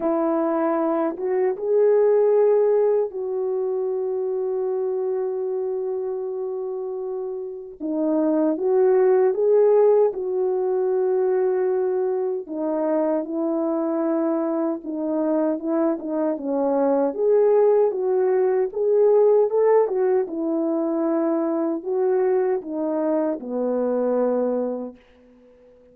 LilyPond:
\new Staff \with { instrumentName = "horn" } { \time 4/4 \tempo 4 = 77 e'4. fis'8 gis'2 | fis'1~ | fis'2 dis'4 fis'4 | gis'4 fis'2. |
dis'4 e'2 dis'4 | e'8 dis'8 cis'4 gis'4 fis'4 | gis'4 a'8 fis'8 e'2 | fis'4 dis'4 b2 | }